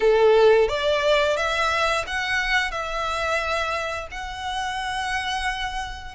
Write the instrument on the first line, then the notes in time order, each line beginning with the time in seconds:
violin
0.00 A4
0.68 D5
1.36 E5
2.06 F#5
2.71 E5
4.11 F#5